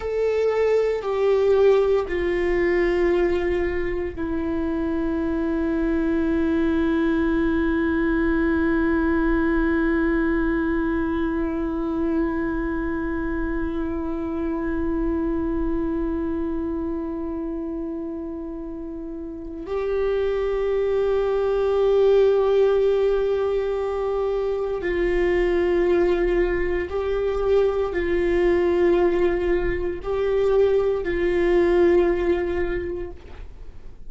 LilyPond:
\new Staff \with { instrumentName = "viola" } { \time 4/4 \tempo 4 = 58 a'4 g'4 f'2 | e'1~ | e'1~ | e'1~ |
e'2. g'4~ | g'1 | f'2 g'4 f'4~ | f'4 g'4 f'2 | }